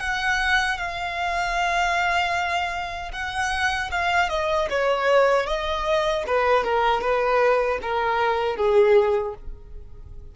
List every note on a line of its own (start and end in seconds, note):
0.00 0.78 F#5
0.78 3.12 F5
3.13 3.91 F#5
3.91 4.29 F5
4.29 4.68 D#5
4.70 5.47 C#5
5.47 6.24 D#5
6.27 6.64 B4
6.64 7.02 A#4
7.02 7.80 B4
7.82 8.56 A#4
8.56 9.34 G#4